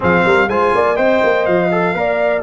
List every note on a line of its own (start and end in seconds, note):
0.00 0.25 F3
0.00 0.49 C4
0.00 0.24 G#4
0.00 0.49 F5
0.25 0.47 G3
0.25 0.49 A#4
0.47 0.72 G#3
0.47 0.95 F4
0.47 0.74 C5
0.47 0.96 G#5
0.74 0.97 A#3
0.74 0.96 D5
0.95 1.22 C4
0.95 1.69 C5
0.95 1.94 D#5
0.95 1.45 G5
1.23 1.47 A#3
1.45 1.94 F3
1.45 2.42 F5
1.71 1.94 A4
1.94 2.42 A#3
1.94 2.42 A#4
1.94 2.42 D5